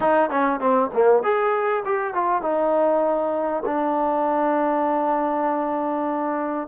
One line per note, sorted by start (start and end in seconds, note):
0.00 0.29 D#4
0.29 0.60 C#4
0.60 0.90 C4
0.93 1.23 A#3
1.23 1.83 G#4
1.85 2.13 G4
2.13 2.42 F4
2.42 3.63 D#4
3.65 6.67 D4